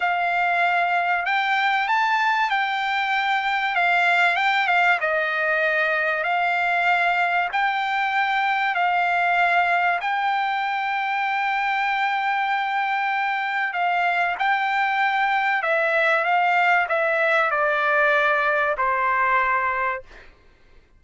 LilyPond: \new Staff \with { instrumentName = "trumpet" } { \time 4/4 \tempo 4 = 96 f''2 g''4 a''4 | g''2 f''4 g''8 f''8 | dis''2 f''2 | g''2 f''2 |
g''1~ | g''2 f''4 g''4~ | g''4 e''4 f''4 e''4 | d''2 c''2 | }